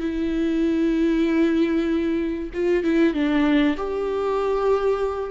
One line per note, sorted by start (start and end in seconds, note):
0.00 2.50 E4
2.54 2.84 F4
2.84 3.14 E4
3.14 3.76 D4
3.77 5.31 G4